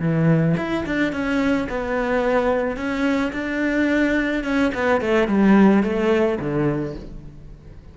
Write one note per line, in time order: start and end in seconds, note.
0.00 0.56 E3
0.57 0.85 E4
0.86 1.13 D4
1.13 1.68 C#4
1.69 2.77 B3
2.77 3.32 C#4
3.33 4.44 D4
4.44 4.72 C#4
4.74 5.01 B3
5.01 5.28 A3
5.28 5.83 G3
5.83 6.39 A3
6.40 6.95 D3